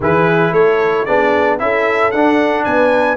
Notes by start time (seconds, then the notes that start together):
0.00 E3 E4 G#4 B4
0.52 A3 A4 C#5
1.04 B3 D4 G#4 D5
1.59 C#4 E4 A4 E5
2.11 D4 F#5
2.64 B3 B4 G#5